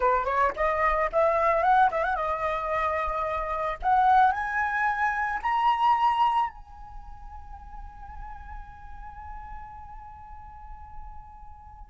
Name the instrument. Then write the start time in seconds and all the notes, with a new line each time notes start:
flute
0.00 B4
0.25 C#5
0.56 D#5
1.12 E5
1.62 F#5
1.91 E5
2.03 F#5
2.15 D#5
3.82 F#5
4.31 G#5
5.42 A#5
6.50 G#5